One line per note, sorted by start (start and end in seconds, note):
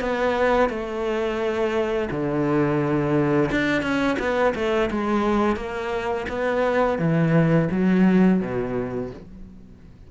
0.00 0.69 B3
0.69 2.09 A3
2.11 3.50 D3
3.51 3.82 D4
3.82 4.17 C#4
4.19 4.54 B3
4.55 4.90 A3
4.91 5.56 G#3
5.56 6.26 A#3
6.29 6.99 B3
6.99 7.68 E3
7.71 8.41 F#3
8.41 9.11 B2